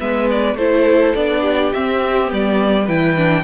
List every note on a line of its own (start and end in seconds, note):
0.00 0.55 G#3
0.00 0.58 B3
0.00 0.57 B4
0.00 0.29 E5
0.30 0.58 D5
0.55 1.13 A3
0.55 1.16 E4
0.55 1.41 A4
0.55 1.15 C5
1.15 1.74 B3
1.15 1.74 D4
1.15 1.73 D5
1.41 2.84 G4
1.73 2.32 C4
1.73 2.25 C4
1.73 2.31 E5
2.25 2.83 B3
2.32 2.88 G3
2.32 2.88 D5
2.84 3.44 E3
2.84 3.17 E4
2.84 3.42 B4
2.84 3.44 G5
3.17 3.44 D4